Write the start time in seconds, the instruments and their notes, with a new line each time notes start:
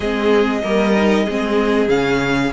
0.00 cello G#3, viola C4, violin G#4 D#5
0.63 cello G3, viola A#3, violin A#4
0.96 viola D#4
1.25 cello G#3, viola C4, violin G#4
1.88 cello C#3, viola C#4, violin F5